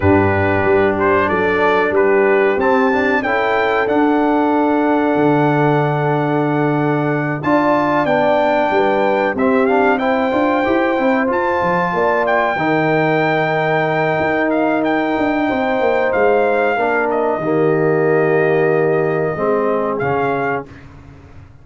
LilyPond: <<
  \new Staff \with { instrumentName = "trumpet" } { \time 4/4 \tempo 4 = 93 b'4. c''8 d''4 b'4 | a''4 g''4 fis''2~ | fis''2.~ fis''8 a''8~ | a''8 g''2 e''8 f''8 g''8~ |
g''4. a''4. g''4~ | g''2~ g''8 f''8 g''4~ | g''4 f''4. dis''4.~ | dis''2. f''4 | }
  \new Staff \with { instrumentName = "horn" } { \time 4/4 g'2 a'4 g'4~ | g'4 a'2.~ | a'2.~ a'8 d''8~ | d''4. b'4 g'4 c''8~ |
c''2~ c''8 d''4 ais'8~ | ais'1 | c''2 ais'4 g'4~ | g'2 gis'2 | }
  \new Staff \with { instrumentName = "trombone" } { \time 4/4 d'1 | c'8 d'8 e'4 d'2~ | d'2.~ d'8 f'8~ | f'8 d'2 c'8 d'8 e'8 |
f'8 g'8 e'8 f'2 dis'8~ | dis'1~ | dis'2 d'4 ais4~ | ais2 c'4 cis'4 | }
  \new Staff \with { instrumentName = "tuba" } { \time 4/4 g,4 g4 fis4 g4 | c'4 cis'4 d'2 | d2.~ d8 d'8~ | d'8 b4 g4 c'4. |
d'8 e'8 c'8 f'8 f8 ais4 dis8~ | dis2 dis'4. d'8 | c'8 ais8 gis4 ais4 dis4~ | dis2 gis4 cis4 | }
>>